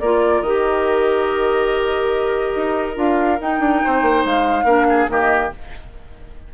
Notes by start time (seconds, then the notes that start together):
0.00 A#3 F4 A#4 D5
0.41 D#3 G4 D#5
2.56 D#4
2.95 D4 F4 F5
3.41 D#4 G5
3.60 D4
3.84 C4 C5
4.02 A#3
4.25 G#3 F5
4.64 A#3 D4 A#4
4.89 G#4
5.09 D#3 A#3 G4 D#5